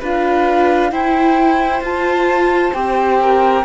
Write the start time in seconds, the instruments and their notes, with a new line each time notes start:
0.00 cello D4, viola F4, violin B4, flute F5
0.91 viola E4, cello E4, violin C5, flute G5
1.81 cello F4, viola F4, flute A5
2.73 cello C4, viola G4, flute G5
3.21 violin A#4